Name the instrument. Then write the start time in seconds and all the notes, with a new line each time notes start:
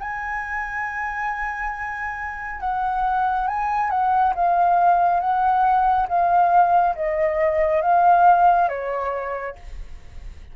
flute
0.00 G#5
2.61 F#5
3.48 G#5
3.91 F#5
4.36 F5
5.21 F#5
6.09 F5
6.96 D#5
7.82 F5
8.69 C#5